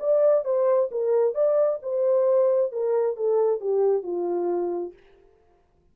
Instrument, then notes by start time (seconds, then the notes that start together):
horn
0.00 D5
0.45 C5
0.92 A#4
1.35 D5
1.83 C5
2.72 A#4
3.16 A4
3.61 G4
4.03 F4